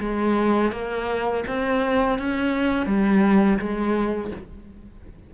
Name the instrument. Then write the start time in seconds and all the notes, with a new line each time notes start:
cello
0.00 G#3
0.72 A#3
1.48 C4
2.19 C#4
2.86 G3
3.59 G#3